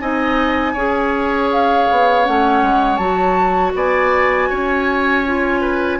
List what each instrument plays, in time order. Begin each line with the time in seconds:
0.00 bassoon C4, clarinet D#4, oboe D#5, flute G#5
0.73 bassoon C#4, clarinet G#4, oboe C#5
1.52 flute F5
1.91 bassoon B3
2.24 bassoon A3, clarinet C#4, flute F#5
2.62 bassoon G#3
2.96 bassoon F#3, clarinet F#4, flute A5
3.74 bassoon B3, oboe D5, flute G#5
4.49 bassoon C#4, oboe C#5
5.26 clarinet F4
5.60 oboe B4